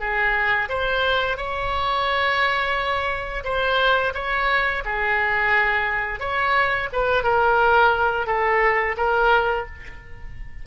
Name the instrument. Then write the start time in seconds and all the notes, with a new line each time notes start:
oboe
0.00 G#4
0.69 C5
1.37 C#5
3.44 C5
4.14 C#5
4.85 G#4
6.20 C#5
6.92 B4
7.24 A#4
8.27 A4
8.97 A#4